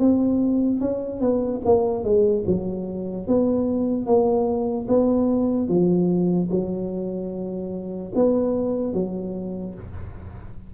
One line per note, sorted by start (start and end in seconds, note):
0.00 0.80 C4
0.80 1.21 C#4
1.21 1.61 B3
1.65 2.04 A#3
2.04 2.45 G#3
2.47 3.28 F#3
3.28 4.07 B3
4.07 4.88 A#3
4.89 5.69 B3
5.69 6.50 F3
6.51 8.13 F#3
8.15 8.94 B3
8.94 9.75 F#3